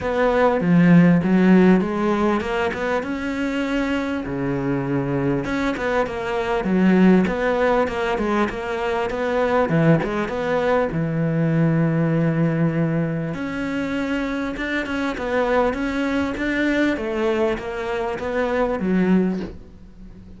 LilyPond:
\new Staff \with { instrumentName = "cello" } { \time 4/4 \tempo 4 = 99 b4 f4 fis4 gis4 | ais8 b8 cis'2 cis4~ | cis4 cis'8 b8 ais4 fis4 | b4 ais8 gis8 ais4 b4 |
e8 gis8 b4 e2~ | e2 cis'2 | d'8 cis'8 b4 cis'4 d'4 | a4 ais4 b4 fis4 | }